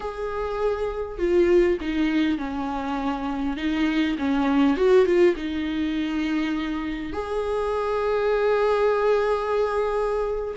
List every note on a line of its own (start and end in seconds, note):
0.00 1.18 G#4
1.18 1.78 F4
1.81 2.38 D#4
2.38 3.56 C#4
3.56 4.16 D#4
4.18 4.77 C#4
4.77 5.05 F#4
5.05 5.35 F4
5.36 7.12 D#4
7.12 10.54 G#4